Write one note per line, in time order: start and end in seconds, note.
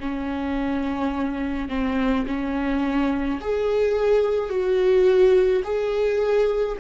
0.00 1.69 C#4
1.69 2.25 C4
2.27 3.40 C#4
3.41 4.50 G#4
4.50 5.63 F#4
5.64 6.77 G#4